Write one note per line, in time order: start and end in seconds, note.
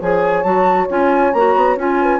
0.00 0.44 F3
0.00 0.44 G#4
0.00 1.99 C#5
0.00 0.43 G#5
0.43 0.88 F#3
0.43 0.88 F#4
0.43 0.87 A5
0.89 1.34 C#4
0.89 1.33 F4
0.89 1.33 G#5
1.33 1.56 A#3
1.33 1.78 F#4
1.33 1.78 A#5
1.56 1.76 B3
1.76 2.20 C#4
1.76 2.20 F4
1.76 2.20 G#5
2.02 2.20 B4